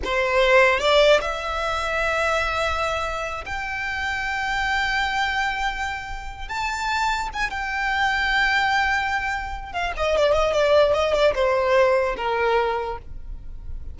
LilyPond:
\new Staff \with { instrumentName = "violin" } { \time 4/4 \tempo 4 = 148 c''2 d''4 e''4~ | e''1~ | e''8 g''2.~ g''8~ | g''1 |
a''2 gis''8 g''4.~ | g''1 | f''8 dis''8 d''8 dis''8 d''4 dis''8 d''8 | c''2 ais'2 | }